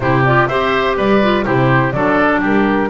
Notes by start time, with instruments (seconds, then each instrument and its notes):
0.00 double bass C3, clarinet E4, oboe G4, flute C5
0.25 clarinet F4, flute D5
0.47 double bass C4, clarinet G4, oboe C5, flute E5
0.96 double bass G3, oboe B4, flute D5
1.22 clarinet F4
1.43 double bass C3, clarinet E4, oboe G4, flute C5
1.92 double bass F#3, clarinet D4, oboe A4, flute D5
2.40 double bass G3, oboe G4, flute A#4